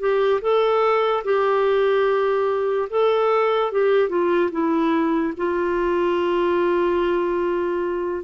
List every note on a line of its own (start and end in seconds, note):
0.00 0.41 G4
0.41 1.24 A4
1.24 2.89 G4
2.90 3.72 A4
3.72 4.09 G4
4.09 4.50 F4
4.51 5.33 E4
5.37 8.24 F4